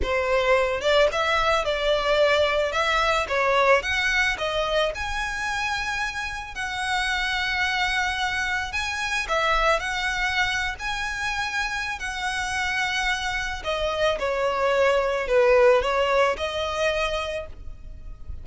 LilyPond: \new Staff \with { instrumentName = "violin" } { \time 4/4 \tempo 4 = 110 c''4. d''8 e''4 d''4~ | d''4 e''4 cis''4 fis''4 | dis''4 gis''2. | fis''1 |
gis''4 e''4 fis''4.~ fis''16 gis''16~ | gis''2 fis''2~ | fis''4 dis''4 cis''2 | b'4 cis''4 dis''2 | }